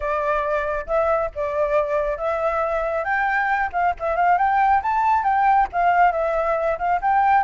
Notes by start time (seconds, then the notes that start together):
0.00 D5
0.86 E5
1.35 D5
2.17 E5
3.04 G5
3.72 F5
3.99 E5
4.15 F5
4.38 G5
4.82 A5
5.23 G5
5.72 F5
6.12 E5
6.78 F5
7.01 G5